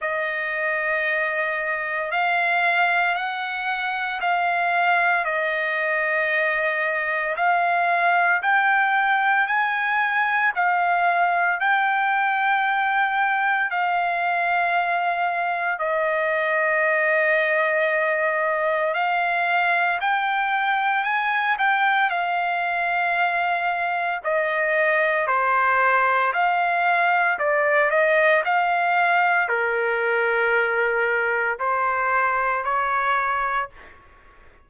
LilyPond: \new Staff \with { instrumentName = "trumpet" } { \time 4/4 \tempo 4 = 57 dis''2 f''4 fis''4 | f''4 dis''2 f''4 | g''4 gis''4 f''4 g''4~ | g''4 f''2 dis''4~ |
dis''2 f''4 g''4 | gis''8 g''8 f''2 dis''4 | c''4 f''4 d''8 dis''8 f''4 | ais'2 c''4 cis''4 | }